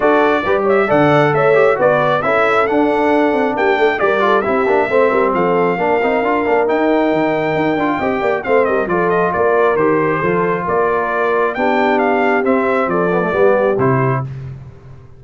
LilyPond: <<
  \new Staff \with { instrumentName = "trumpet" } { \time 4/4 \tempo 4 = 135 d''4. e''8 fis''4 e''4 | d''4 e''4 fis''2 | g''4 d''4 e''2 | f''2. g''4~ |
g''2. f''8 dis''8 | d''8 dis''8 d''4 c''2 | d''2 g''4 f''4 | e''4 d''2 c''4 | }
  \new Staff \with { instrumentName = "horn" } { \time 4/4 a'4 b'8 cis''8 d''4 cis''4 | b'4 a'2. | g'8 a'8 ais'8 a'8 g'4 c''8 ais'8 | a'4 ais'2.~ |
ais'2 dis''8 d''8 c''8 ais'8 | a'4 ais'2 a'4 | ais'2 g'2~ | g'4 a'4 g'2 | }
  \new Staff \with { instrumentName = "trombone" } { \time 4/4 fis'4 g'4 a'4. g'8 | fis'4 e'4 d'2~ | d'4 g'8 f'8 e'8 d'8 c'4~ | c'4 d'8 dis'8 f'8 d'8 dis'4~ |
dis'4. f'8 g'4 c'4 | f'2 g'4 f'4~ | f'2 d'2 | c'4. b16 a16 b4 e'4 | }
  \new Staff \with { instrumentName = "tuba" } { \time 4/4 d'4 g4 d4 a4 | b4 cis'4 d'4. c'8 | ais8 a8 g4 c'8 ais8 a8 g8 | f4 ais8 c'8 d'8 ais8 dis'4 |
dis4 dis'8 d'8 c'8 ais8 a8 g8 | f4 ais4 dis4 f4 | ais2 b2 | c'4 f4 g4 c4 | }
>>